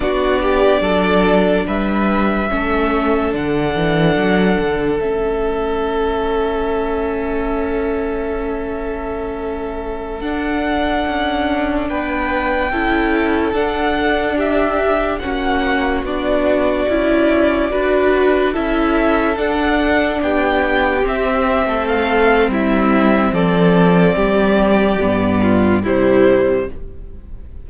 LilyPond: <<
  \new Staff \with { instrumentName = "violin" } { \time 4/4 \tempo 4 = 72 d''2 e''2 | fis''2 e''2~ | e''1~ | e''16 fis''2 g''4.~ g''16~ |
g''16 fis''4 e''4 fis''4 d''8.~ | d''2~ d''16 e''4 fis''8.~ | fis''16 g''4 e''4 f''8. e''4 | d''2. c''4 | }
  \new Staff \with { instrumentName = "violin" } { \time 4/4 fis'8 g'8 a'4 b'4 a'4~ | a'1~ | a'1~ | a'2~ a'16 b'4 a'8.~ |
a'4~ a'16 g'4 fis'4.~ fis'16~ | fis'4~ fis'16 b'4 a'4.~ a'16~ | a'16 g'4.~ g'16 a'4 e'4 | a'4 g'4. f'8 e'4 | }
  \new Staff \with { instrumentName = "viola" } { \time 4/4 d'2. cis'4 | d'2 cis'2~ | cis'1~ | cis'16 d'2. e'8.~ |
e'16 d'2 cis'4 d'8.~ | d'16 e'4 fis'4 e'4 d'8.~ | d'4~ d'16 c'2~ c'8.~ | c'2 b4 g4 | }
  \new Staff \with { instrumentName = "cello" } { \time 4/4 b4 fis4 g4 a4 | d8 e8 fis8 d8 a2~ | a1~ | a16 d'4 cis'4 b4 cis'8.~ |
cis'16 d'2 ais4 b8.~ | b16 cis'4 d'4 cis'4 d'8.~ | d'16 b4 c'8. a4 g4 | f4 g4 g,4 c4 | }
>>